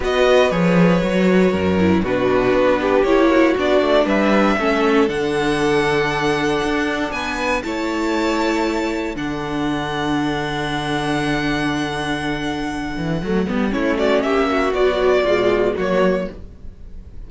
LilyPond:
<<
  \new Staff \with { instrumentName = "violin" } { \time 4/4 \tempo 4 = 118 dis''4 cis''2. | b'2 cis''4 d''4 | e''2 fis''2~ | fis''2 gis''4 a''4~ |
a''2 fis''2~ | fis''1~ | fis''2. cis''8 d''8 | e''4 d''2 cis''4 | }
  \new Staff \with { instrumentName = "violin" } { \time 4/4 b'2. ais'4 | fis'4. g'4 fis'4. | b'4 a'2.~ | a'2 b'4 cis''4~ |
cis''2 a'2~ | a'1~ | a'2. e'8 fis'8 | g'8 fis'4. f'4 fis'4 | }
  \new Staff \with { instrumentName = "viola" } { \time 4/4 fis'4 gis'4 fis'4. e'8 | d'2 e'4 d'4~ | d'4 cis'4 d'2~ | d'2. e'4~ |
e'2 d'2~ | d'1~ | d'2 a8 b8 cis'4~ | cis'4 fis4 gis4 ais4 | }
  \new Staff \with { instrumentName = "cello" } { \time 4/4 b4 f4 fis4 fis,4 | b,4 b4 ais4 b8 a8 | g4 a4 d2~ | d4 d'4 b4 a4~ |
a2 d2~ | d1~ | d4. e8 fis8 g8 a4 | ais4 b4 b,4 fis4 | }
>>